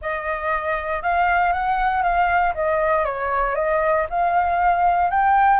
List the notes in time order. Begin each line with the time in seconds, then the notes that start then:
0.01 D#5
1.02 F5
1.52 F#5
2.02 F5
2.54 D#5
3.04 C#5
3.55 D#5
4.09 F5
5.10 G5